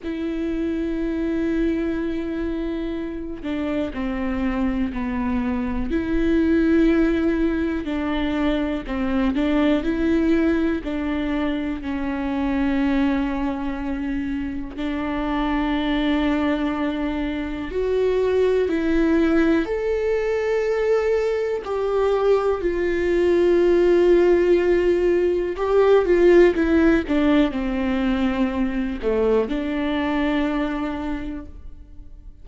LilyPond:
\new Staff \with { instrumentName = "viola" } { \time 4/4 \tempo 4 = 61 e'2.~ e'8 d'8 | c'4 b4 e'2 | d'4 c'8 d'8 e'4 d'4 | cis'2. d'4~ |
d'2 fis'4 e'4 | a'2 g'4 f'4~ | f'2 g'8 f'8 e'8 d'8 | c'4. a8 d'2 | }